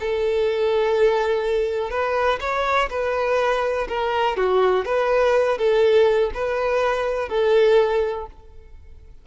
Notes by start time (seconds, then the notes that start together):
0.00 A4
1.90 B4
2.41 C#5
2.90 B4
3.88 A#4
4.37 F#4
4.85 B4
5.58 A4
6.34 B4
7.29 A4